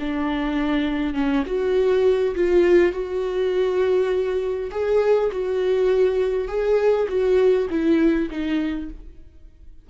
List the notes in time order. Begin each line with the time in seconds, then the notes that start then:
0.00 D4
1.14 C#4
1.46 F#4
2.35 F4
2.93 F#4
4.71 G#4
5.32 F#4
6.48 G#4
7.09 F#4
7.70 E4
8.31 D#4